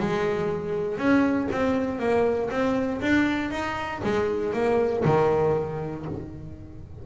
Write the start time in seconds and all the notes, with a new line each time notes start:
0.00 G#3
0.98 C#4
1.52 C4
2.00 A#3
2.51 C4
3.02 D4
3.51 D#4
4.04 G#3
4.54 A#3
5.05 D#3